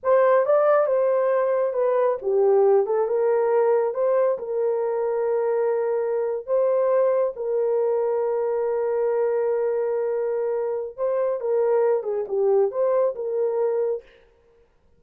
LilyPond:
\new Staff \with { instrumentName = "horn" } { \time 4/4 \tempo 4 = 137 c''4 d''4 c''2 | b'4 g'4. a'8 ais'4~ | ais'4 c''4 ais'2~ | ais'2~ ais'8. c''4~ c''16~ |
c''8. ais'2.~ ais'16~ | ais'1~ | ais'4 c''4 ais'4. gis'8 | g'4 c''4 ais'2 | }